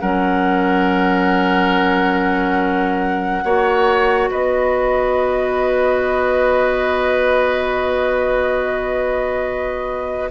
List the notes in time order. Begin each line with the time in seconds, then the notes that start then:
0.00 F#3 C#4 A#4 F#5
3.44 A#3 F#4 C#5
4.30 B3 B4 D#5